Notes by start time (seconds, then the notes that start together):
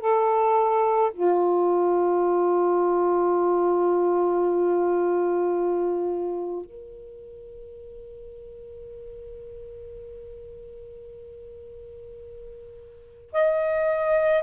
0.00 A4
1.14 F4
6.65 A#4
13.33 D#5